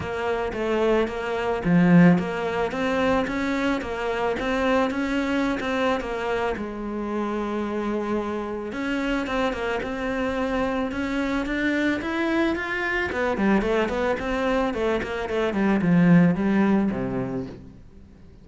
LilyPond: \new Staff \with { instrumentName = "cello" } { \time 4/4 \tempo 4 = 110 ais4 a4 ais4 f4 | ais4 c'4 cis'4 ais4 | c'4 cis'4~ cis'16 c'8. ais4 | gis1 |
cis'4 c'8 ais8 c'2 | cis'4 d'4 e'4 f'4 | b8 g8 a8 b8 c'4 a8 ais8 | a8 g8 f4 g4 c4 | }